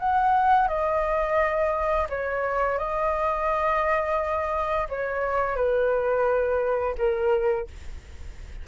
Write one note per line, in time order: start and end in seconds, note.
0.00 0.68 F#5
0.68 2.08 D#5
2.10 2.79 C#5
2.79 4.88 D#5
4.89 5.56 C#5
5.56 6.96 B4
6.98 7.68 A#4